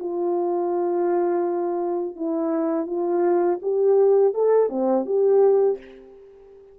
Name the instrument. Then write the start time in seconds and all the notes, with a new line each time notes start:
horn
0.00 F4
2.16 E4
2.87 F4
3.62 G4
4.34 A4
4.70 C4
5.06 G4